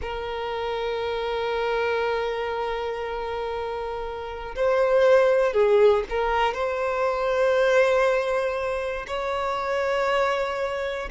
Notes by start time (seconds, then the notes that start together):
0.01 A#4
4.55 C5
5.53 G#4
6.09 A#4
6.53 C5
9.07 C#5